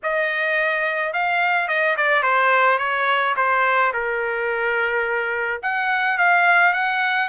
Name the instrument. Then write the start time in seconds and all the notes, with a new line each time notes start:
trumpet
0.02 D#5
1.13 F5
1.68 D#5
1.96 D5
2.22 C5
2.78 C#5
3.36 C5
3.93 A#4
5.62 F#5
6.18 F5
6.73 F#5